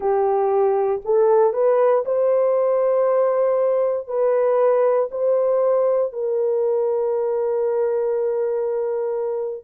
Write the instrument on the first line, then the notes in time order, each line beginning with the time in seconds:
horn
0.00 G4
1.04 A4
1.53 B4
2.05 C5
4.07 B4
5.11 C5
6.12 A#4